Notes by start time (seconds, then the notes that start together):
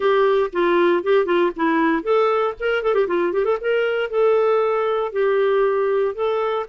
0.00 G4
0.52 F4
1.03 G4
1.25 F4
1.55 E4
2.02 A4
2.59 A#4
2.82 A4
2.94 G4
3.07 F4
3.32 G4
3.45 A4
3.60 A#4
4.09 A4
5.12 G4
6.14 A4